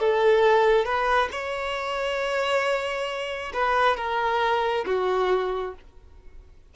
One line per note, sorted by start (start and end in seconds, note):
0.00 0.85 A4
0.85 1.30 B4
1.32 3.53 C#5
3.54 3.97 B4
3.97 4.85 A#4
4.86 5.74 F#4